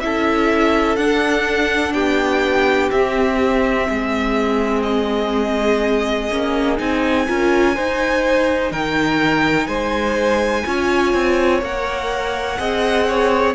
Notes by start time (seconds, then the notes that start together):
0.00 C#4 E4 A4 E5
0.96 D4 F#5
1.93 B3 G4 G5
2.90 C4 E5
3.89 G#3 G#4
4.82 D#5
6.30 A#3 C#4
6.77 C4 D#4 G#5
7.27 C#4 F4 A#4
7.75 D#4 C5
8.71 D#3 A#4 G5
9.67 G#3 C5 G#5
10.66 C#4 F4 C#5
11.14 C4
11.61 A#3 A#4 F#5
12.58 C4 G#4 D#5
13.08 C#5